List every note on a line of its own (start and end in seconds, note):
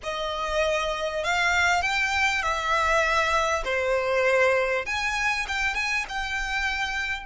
0.03 1.23 D#5
1.23 1.82 F5
1.82 2.42 G5
2.42 3.63 E5
3.64 4.85 C5
4.85 5.46 G#5
5.48 5.74 G5
5.74 6.05 G#5
6.09 7.25 G5